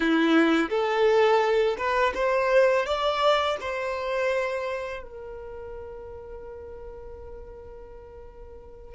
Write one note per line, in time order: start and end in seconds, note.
0.00 0.69 E4
0.69 1.76 A4
1.77 2.13 B4
2.14 2.85 C5
2.86 3.57 D5
3.60 5.03 C5
5.03 8.94 A#4